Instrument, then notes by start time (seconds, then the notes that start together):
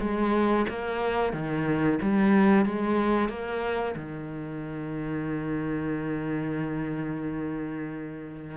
cello
0.00 G#3
0.69 A#3
1.33 D#3
2.02 G3
2.66 G#3
3.29 A#3
3.96 D#3